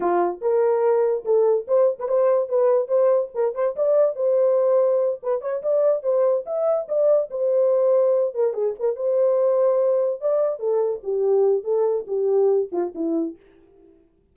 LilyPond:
\new Staff \with { instrumentName = "horn" } { \time 4/4 \tempo 4 = 144 f'4 ais'2 a'4 | c''8. b'16 c''4 b'4 c''4 | ais'8 c''8 d''4 c''2~ | c''8 b'8 cis''8 d''4 c''4 e''8~ |
e''8 d''4 c''2~ c''8 | ais'8 gis'8 ais'8 c''2~ c''8~ | c''8 d''4 a'4 g'4. | a'4 g'4. f'8 e'4 | }